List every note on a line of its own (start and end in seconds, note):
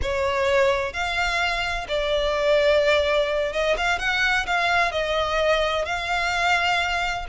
0.02 0.93 C#5
0.93 1.86 F5
1.88 3.52 D5
3.52 3.76 D#5
3.77 3.98 F5
3.98 4.45 F#5
4.46 4.91 F5
4.91 5.85 D#5
5.85 7.25 F5